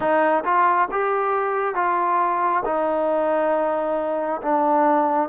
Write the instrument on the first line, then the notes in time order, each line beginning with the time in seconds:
trombone
0.00 D#4
0.44 F4
0.91 G4
1.74 F4
2.64 D#4
4.42 D4